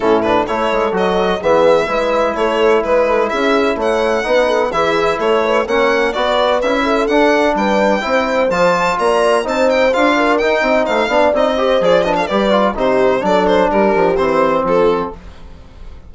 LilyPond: <<
  \new Staff \with { instrumentName = "violin" } { \time 4/4 \tempo 4 = 127 a'8 b'8 cis''4 dis''4 e''4~ | e''4 cis''4 b'4 e''4 | fis''2 e''4 cis''4 | fis''4 d''4 e''4 fis''4 |
g''2 a''4 ais''4 | a''8 g''8 f''4 g''4 f''4 | dis''4 d''8 dis''16 f''16 d''4 c''4 | d''8 c''8 ais'4 c''4 a'4 | }
  \new Staff \with { instrumentName = "horn" } { \time 4/4 e'4 a'2 gis'4 | b'4 a'4 b'8 a'8 gis'4 | cis''4 b'8 a'8 gis'4 a'8 b'8 | cis''4 b'4. a'4. |
b'4 c''2 d''4 | c''4. ais'4 dis''8 c''8 d''8~ | d''8 c''4 b'16 a'16 b'4 g'4 | a'4 g'2 f'4 | }
  \new Staff \with { instrumentName = "trombone" } { \time 4/4 cis'8 d'8 e'4 fis'4 b4 | e'1~ | e'4 dis'4 e'2 | cis'4 fis'4 e'4 d'4~ |
d'4 e'4 f'2 | dis'4 f'4 dis'4. d'8 | dis'8 g'8 gis'8 d'8 g'8 f'8 dis'4 | d'2 c'2 | }
  \new Staff \with { instrumentName = "bassoon" } { \time 4/4 a,4 a8 gis8 fis4 e4 | gis4 a4 gis4 cis'4 | a4 b4 e4 a4 | ais4 b4 cis'4 d'4 |
g4 c'4 f4 ais4 | c'4 d'4 dis'8 c'8 a8 b8 | c'4 f4 g4 c4 | fis4 g8 f8 e4 f4 | }
>>